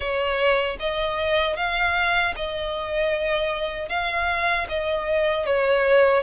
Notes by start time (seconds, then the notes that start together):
0.00 C#5
0.79 D#5
1.56 F5
2.36 D#5
3.89 F5
4.69 D#5
5.45 C#5